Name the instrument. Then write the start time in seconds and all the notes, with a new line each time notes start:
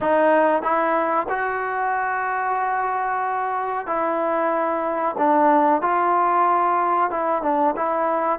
trombone
0.00 D#4
0.62 E4
1.28 F#4
3.86 E4
5.18 D4
5.81 F4
7.10 E4
7.42 D4
7.76 E4